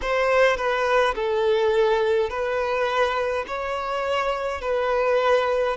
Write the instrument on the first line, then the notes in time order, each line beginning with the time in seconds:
violin
0.01 C5
0.57 B4
1.15 A4
2.29 B4
3.47 C#5
4.61 B4